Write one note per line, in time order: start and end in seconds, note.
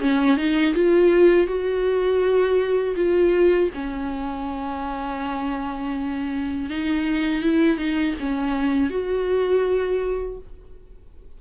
0.00 0.36 C#4
0.36 0.73 D#4
0.74 1.46 F4
1.46 2.95 F#4
2.96 3.70 F4
3.74 6.70 C#4
6.70 7.42 D#4
7.42 7.77 E4
7.77 8.14 D#4
8.20 8.90 C#4
8.90 10.38 F#4